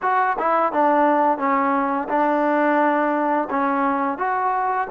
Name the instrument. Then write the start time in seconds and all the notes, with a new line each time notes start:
trombone
0.02 F#4
0.38 E4
0.72 D4
1.38 C#4
2.08 D4
3.50 C#4
4.17 F#4